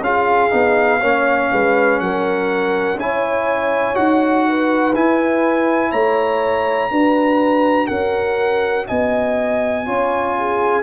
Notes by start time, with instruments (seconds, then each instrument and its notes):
0.00 tuba C#4, trombone F4, horn G#4, trumpet F5
0.50 tuba B3, trombone D#4
1.00 tuba A#3, trombone C#4, horn C#5
1.51 tuba G#3, horn B4
1.99 tuba F#3, horn A#4, trumpet F#5
2.95 tuba C#4, trombone E4, horn C#5, trumpet G#5
3.94 tuba D#4, trombone F#4, trumpet F#5
4.48 horn B4
4.95 tuba E4, trombone E4, trumpet G#5
5.91 tuba A3, horn C#5, trumpet A#5
6.90 tuba D4, trombone F#4, horn B4
7.87 tuba C#4, horn A#4, trumpet F#5
8.87 tuba B3, horn D#5, trumpet G#5
9.85 tuba C#4, trombone F4, horn C#5
10.38 horn G#4